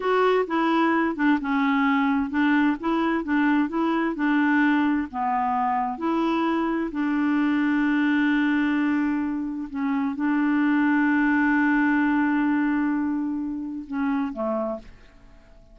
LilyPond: \new Staff \with { instrumentName = "clarinet" } { \time 4/4 \tempo 4 = 130 fis'4 e'4. d'8 cis'4~ | cis'4 d'4 e'4 d'4 | e'4 d'2 b4~ | b4 e'2 d'4~ |
d'1~ | d'4 cis'4 d'2~ | d'1~ | d'2 cis'4 a4 | }